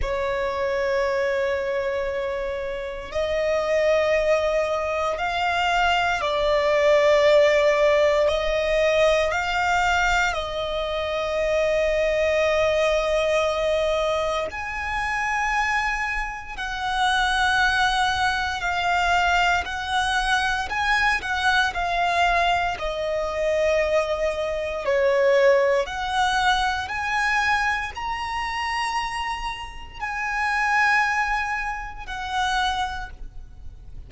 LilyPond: \new Staff \with { instrumentName = "violin" } { \time 4/4 \tempo 4 = 58 cis''2. dis''4~ | dis''4 f''4 d''2 | dis''4 f''4 dis''2~ | dis''2 gis''2 |
fis''2 f''4 fis''4 | gis''8 fis''8 f''4 dis''2 | cis''4 fis''4 gis''4 ais''4~ | ais''4 gis''2 fis''4 | }